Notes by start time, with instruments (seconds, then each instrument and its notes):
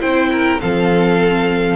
0.00 double bass C4, viola E4, violin C5 G5
0.32 violin A#4
0.59 double bass F3, viola C4, violin A4 F5